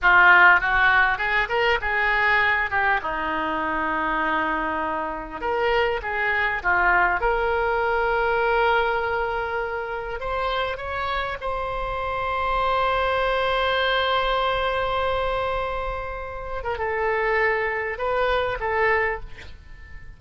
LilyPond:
\new Staff \with { instrumentName = "oboe" } { \time 4/4 \tempo 4 = 100 f'4 fis'4 gis'8 ais'8 gis'4~ | gis'8 g'8 dis'2.~ | dis'4 ais'4 gis'4 f'4 | ais'1~ |
ais'4 c''4 cis''4 c''4~ | c''1~ | c''2.~ c''8. ais'16 | a'2 b'4 a'4 | }